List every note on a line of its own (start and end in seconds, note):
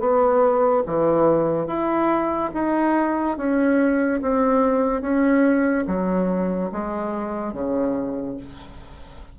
0.00 0.83 B3
0.86 1.67 E3
1.67 2.51 E4
2.54 3.37 D#4
3.38 4.21 C#4
4.22 5.02 C4
5.02 5.85 C#4
5.87 6.71 F#3
6.72 7.53 G#3
7.53 8.37 C#3